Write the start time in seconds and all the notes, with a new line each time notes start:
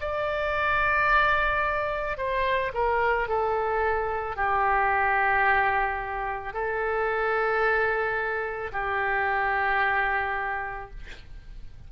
0.00 D5
2.17 C5
2.73 A#4
3.28 A4
4.36 G4
6.53 A4
8.72 G4